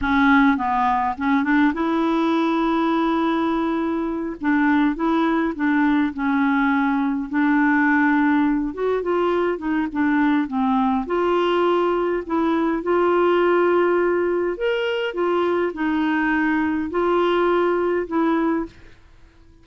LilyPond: \new Staff \with { instrumentName = "clarinet" } { \time 4/4 \tempo 4 = 103 cis'4 b4 cis'8 d'8 e'4~ | e'2.~ e'8 d'8~ | d'8 e'4 d'4 cis'4.~ | cis'8 d'2~ d'8 fis'8 f'8~ |
f'8 dis'8 d'4 c'4 f'4~ | f'4 e'4 f'2~ | f'4 ais'4 f'4 dis'4~ | dis'4 f'2 e'4 | }